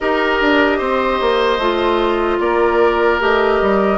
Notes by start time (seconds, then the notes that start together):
0.00 D#4 G4 A#4 D#5
0.41 D4
0.78 C4 C5
1.20 A#3
1.58 A3 F4
2.39 A#3 A#4 D5
3.20 A3 G4 D#5
3.61 G3